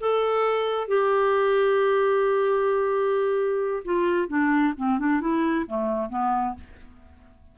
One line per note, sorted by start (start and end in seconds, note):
0.00 0.88 A4
0.88 3.83 G4
3.85 4.28 F4
4.28 4.73 D4
4.77 4.99 C4
4.99 5.20 D4
5.20 5.66 E4
5.67 6.09 A3
6.09 6.55 B3